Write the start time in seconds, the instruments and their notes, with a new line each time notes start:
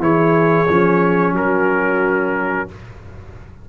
0.00 tuba E3, trombone E4, horn G#4, trumpet C#5
0.69 tuba F3, trombone C#4
1.33 tuba F#3, horn F#4, trumpet A#4